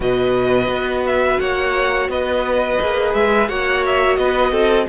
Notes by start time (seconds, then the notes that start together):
0.00 B2 F#4 B4 D#5
0.68 B3
1.06 E5
1.40 A#3 C#5 F#5
2.08 B3 B4 D#5
2.80 A#3 G#4
3.14 G#3 E5
3.48 A#3 F#4 C#5 F#5
3.85 E5
4.16 B3 B4 D#5
4.51 C4 A4